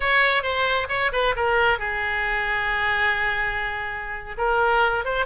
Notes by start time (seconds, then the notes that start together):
0.00 C#5
0.42 C5
0.88 C#5
1.12 B4
1.36 A#4
1.78 G#4
4.37 A#4
5.04 C5